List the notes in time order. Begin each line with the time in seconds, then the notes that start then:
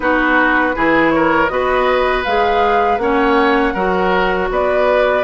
0.00 B3 D#4 F#4 B4
0.75 E3 E4 G#4
1.10 A#4 C#5
1.48 B3 F#4 B4 D#5
2.23 G#3 G#4 F5
2.97 A#3 C#4 C#5 F#5
3.73 F#3 F#4 A#4
4.50 B3 B4 D5